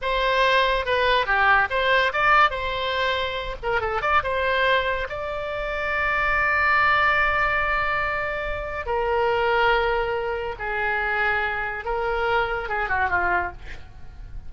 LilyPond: \new Staff \with { instrumentName = "oboe" } { \time 4/4 \tempo 4 = 142 c''2 b'4 g'4 | c''4 d''4 c''2~ | c''8 ais'8 a'8 d''8 c''2 | d''1~ |
d''1~ | d''4 ais'2.~ | ais'4 gis'2. | ais'2 gis'8 fis'8 f'4 | }